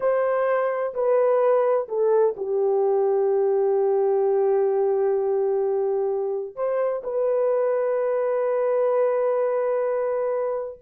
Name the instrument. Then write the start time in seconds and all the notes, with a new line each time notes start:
horn
0.00 C5
0.94 B4
1.88 A4
2.36 G4
6.55 C5
7.03 B4